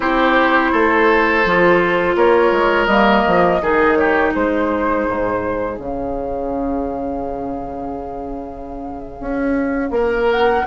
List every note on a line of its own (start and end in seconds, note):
0.00 0.71 C4
0.00 1.44 E4
0.00 0.71 G4
0.00 2.16 C5
0.71 1.45 A3
0.71 2.16 A4
1.45 2.15 F3
1.45 2.89 F4
2.15 2.51 A#3
2.15 3.61 A#4
2.15 2.85 C#5
2.51 2.87 G#3
2.85 3.23 G3
2.85 3.61 A#3
2.85 3.94 D#5
3.26 3.61 F3
3.61 4.33 D#3
3.61 5.79 D#4
3.61 3.98 G#4
3.95 4.33 G4
3.95 4.31 C#5
4.33 5.07 G#3
4.33 9.93 G#4
4.33 5.78 C5
5.08 5.78 G#2
5.78 9.20 C#3
5.78 10.67 C#4
5.78 10.30 F5
9.20 9.90 C#4
9.90 10.62 A#3
9.90 10.65 A#4
10.30 10.66 F#5